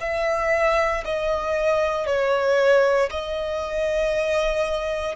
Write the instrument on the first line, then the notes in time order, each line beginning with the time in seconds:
violin
0.00 E5
1.04 D#5
2.06 C#5
3.10 D#5